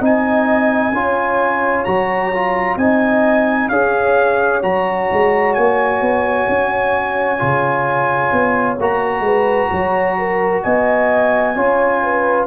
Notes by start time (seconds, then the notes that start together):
0.00 C4 D#4 D#5 G#5
0.92 C#4 F4 C#5
1.85 F#3 F#4 A#5
2.34 F4
2.77 C4 D#4 D#5 G#5
3.69 C#4 G#4 C#5 F5
4.62 F#3 F#4 A#5
5.12 G#3
5.54 A#3 G#5
6.01 B3
6.48 C#4
7.38 C#3 F4
8.32 B3
8.79 A#3 F#4 A#5
9.20 G#3 B4
9.71 F#3 C#5
10.19 A#4
10.62 B3 D#5 G#5
11.56 C#4 F4 C#5
12.03 B4